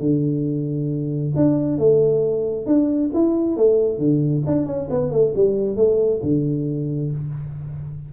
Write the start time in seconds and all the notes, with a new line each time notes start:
0.00 D3
1.36 D4
1.78 A3
2.66 D4
3.14 E4
3.57 A3
3.98 D3
4.46 D4
4.66 C#4
4.91 B3
5.11 A3
5.36 G3
5.76 A3
6.23 D3